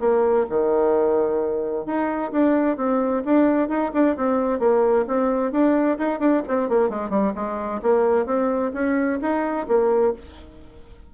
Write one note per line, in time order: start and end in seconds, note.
0.00 0.46 A#3
0.49 1.86 D#3
1.86 2.32 D#4
2.32 2.77 D4
2.77 3.23 C4
3.25 3.69 D4
3.69 3.92 D#4
3.94 4.17 D4
4.17 4.60 C4
4.60 5.05 A#3
5.07 5.52 C4
5.52 5.98 D4
5.99 6.20 D#4
6.20 6.42 D4
6.48 6.69 C4
6.69 6.90 A#3
6.90 7.10 G#3
7.10 7.33 G3
7.35 7.81 G#3
7.82 8.26 A#3
8.26 8.72 C4
8.74 9.20 C#4
9.21 9.67 D#4
9.68 10.14 A#3